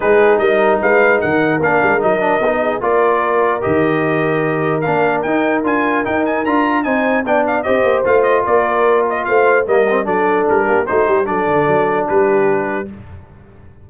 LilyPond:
<<
  \new Staff \with { instrumentName = "trumpet" } { \time 4/4 \tempo 4 = 149 b'4 dis''4 f''4 fis''4 | f''4 dis''2 d''4~ | d''4 dis''2. | f''4 g''4 gis''4 g''8 gis''8 |
ais''4 gis''4 g''8 f''8 dis''4 | f''8 dis''8 d''4. dis''8 f''4 | dis''4 d''4 ais'4 c''4 | d''2 b'2 | }
  \new Staff \with { instrumentName = "horn" } { \time 4/4 gis'4 ais'4 b'4 ais'4~ | ais'2~ ais'8 gis'8 ais'4~ | ais'1~ | ais'1~ |
ais'4 c''4 d''4 c''4~ | c''4 ais'2 c''4 | ais'4 a'4. g'8 fis'8 g'8 | a'2 g'2 | }
  \new Staff \with { instrumentName = "trombone" } { \time 4/4 dis'1 | d'4 dis'8 d'8 dis'4 f'4~ | f'4 g'2. | d'4 dis'4 f'4 dis'4 |
f'4 dis'4 d'4 g'4 | f'1 | ais8 c'8 d'2 dis'4 | d'1 | }
  \new Staff \with { instrumentName = "tuba" } { \time 4/4 gis4 g4 gis4 dis4 | ais8 gis8 fis4 b4 ais4~ | ais4 dis2. | ais4 dis'4 d'4 dis'4 |
d'4 c'4 b4 c'8 ais8 | a4 ais2 a4 | g4 fis4 g8 ais8 a8 g8 | fis8 d8 fis4 g2 | }
>>